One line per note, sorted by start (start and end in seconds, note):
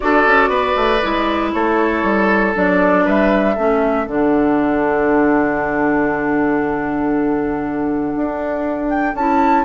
0.00 0.26 D4
0.00 0.99 F#4
0.00 0.49 A4
0.00 1.50 D5
0.26 0.48 C#4
0.48 0.73 B3
0.48 1.51 B4
0.76 1.01 A3
1.02 1.53 G#3
1.02 2.54 E4
1.53 2.03 A3
1.53 3.05 A4
1.53 2.54 C#5
2.03 2.53 G3
2.54 3.06 F#3
2.54 3.56 D4
2.54 3.08 D5
3.05 3.57 G3
3.05 3.55 B4
3.05 4.07 E5
3.55 4.07 A3
3.55 4.06 C#4
3.55 9.64 A4
4.06 8.13 D3
4.06 9.14 D4
4.06 8.89 F#5
8.15 9.14 D4
8.89 9.15 G5
9.14 9.64 C#4
9.14 9.64 E4
9.14 9.64 A5